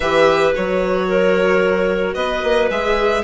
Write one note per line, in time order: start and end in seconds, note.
0.00 0.53 E3
0.00 0.53 G4
0.00 1.08 B4
0.00 0.53 E5
0.53 2.15 F#3
0.53 2.69 F#4
0.53 2.14 C#5
1.08 2.14 A#4
2.14 2.42 B3
2.14 3.22 B4
2.14 2.68 D#5
2.43 2.70 A#3
2.70 3.24 G#3
2.70 3.24 G#4
2.70 3.24 E5